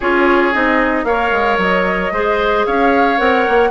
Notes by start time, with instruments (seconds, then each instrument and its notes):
0.00 bassoon C#4, clarinet F4, oboe G#4, flute C#5
0.53 bassoon C4, clarinet D#4, flute D#5
1.04 bassoon A#3, clarinet A#4, oboe C#5, flute F5
1.31 bassoon G#3
1.57 bassoon F#3, flute D#5
2.11 bassoon G#3, clarinet G#4, oboe C5
2.66 bassoon C#4, oboe C#5, flute F5
3.17 bassoon C4, clarinet A#4, flute F#5
3.48 bassoon A#3